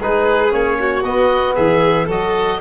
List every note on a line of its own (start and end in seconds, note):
0.00 0.52 G#3
0.00 0.49 D#4
0.00 0.78 G#4
0.00 0.53 B4
0.49 1.03 A#3
0.49 1.02 C#4
0.49 1.03 C#5
0.79 1.56 F#4
1.03 1.56 B3
1.03 2.09 B3
1.03 1.55 D#5
1.55 2.08 E3
1.55 2.06 G#4
1.55 2.07 E5
2.06 2.60 F#3
2.06 2.61 F#4
2.06 2.58 A4
2.06 2.61 D#5